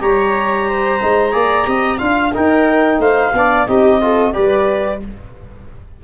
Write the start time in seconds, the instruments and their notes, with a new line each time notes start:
0.00 tuba G3, trombone G4, viola C#5, clarinet A#5
0.67 viola C5
1.01 tuba G#3, trombone D#4
1.32 tuba A#3, trombone G#4, viola D5
1.64 tuba C4, trombone G4, viola D#5
1.98 tuba D4, trombone F4, viola F5, clarinet F5
2.33 trombone D#4, tuba D#4, viola A#4, clarinet G5
2.98 tuba A3, viola C5, clarinet F5
3.33 tuba B3, trombone D4, viola D5
3.67 tuba C4, trombone D#4, viola G4, clarinet D#5
4.01 trombone F4, viola A4
4.33 tuba G3, trombone G4, viola B4, clarinet D5